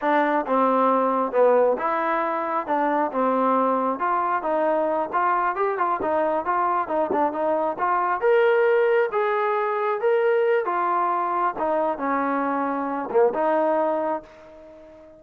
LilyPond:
\new Staff \with { instrumentName = "trombone" } { \time 4/4 \tempo 4 = 135 d'4 c'2 b4 | e'2 d'4 c'4~ | c'4 f'4 dis'4. f'8~ | f'8 g'8 f'8 dis'4 f'4 dis'8 |
d'8 dis'4 f'4 ais'4.~ | ais'8 gis'2 ais'4. | f'2 dis'4 cis'4~ | cis'4. ais8 dis'2 | }